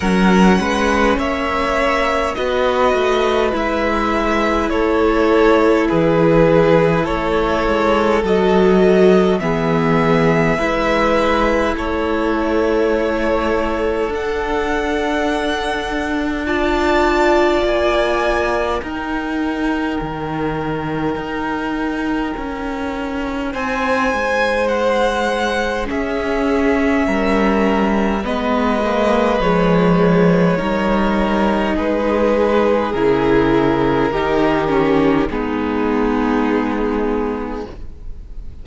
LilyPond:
<<
  \new Staff \with { instrumentName = "violin" } { \time 4/4 \tempo 4 = 51 fis''4 e''4 dis''4 e''4 | cis''4 b'4 cis''4 dis''4 | e''2 cis''2 | fis''2 a''4 gis''4 |
g''1 | gis''4 fis''4 e''2 | dis''4 cis''2 b'4 | ais'2 gis'2 | }
  \new Staff \with { instrumentName = "violin" } { \time 4/4 ais'8 b'8 cis''4 b'2 | a'4 gis'4 a'2 | gis'4 b'4 a'2~ | a'2 d''2 |
ais'1 | c''2 gis'4 ais'4 | b'2 ais'4 gis'4~ | gis'4 g'4 dis'2 | }
  \new Staff \with { instrumentName = "viola" } { \time 4/4 cis'2 fis'4 e'4~ | e'2. fis'4 | b4 e'2. | d'2 f'2 |
dis'1~ | dis'2 cis'2 | b8 ais8 gis4 dis'2 | e'4 dis'8 cis'8 b2 | }
  \new Staff \with { instrumentName = "cello" } { \time 4/4 fis8 gis8 ais4 b8 a8 gis4 | a4 e4 a8 gis8 fis4 | e4 gis4 a2 | d'2. ais4 |
dis'4 dis4 dis'4 cis'4 | c'8 gis4. cis'4 g4 | gis4 f4 g4 gis4 | cis4 dis4 gis2 | }
>>